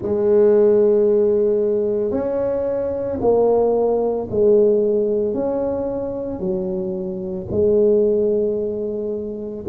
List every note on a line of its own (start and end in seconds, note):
0.02 2.11 G#3
2.11 3.18 C#4
3.20 4.28 A#3
4.30 5.33 G#3
5.33 6.39 C#4
6.39 7.47 F#3
7.50 9.65 G#3